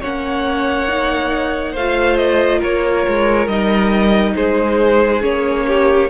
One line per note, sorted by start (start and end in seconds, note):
0.00 1.75 A#3
0.00 0.89 C#4
0.00 1.72 C#5
0.00 1.75 F#5
0.89 1.76 D#4
1.72 2.62 A3
1.72 3.50 F4
1.72 2.59 C5
1.72 2.17 F5
2.17 2.61 D#5
2.59 3.07 A#3
2.59 4.32 A#4
2.59 3.48 C#5
3.07 3.47 G#3
3.47 4.34 G3
3.47 5.21 D#4
3.47 4.35 D#5
4.36 5.23 G#3
4.36 5.66 G#4
4.36 5.23 C5
5.21 6.10 A#3
5.21 6.08 C#4
5.21 6.10 C#5
5.67 6.10 G4